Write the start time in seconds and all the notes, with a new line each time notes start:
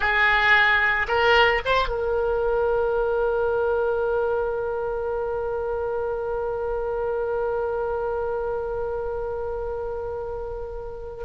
0.00 G#4
1.08 A#4
1.65 C5
1.88 A#4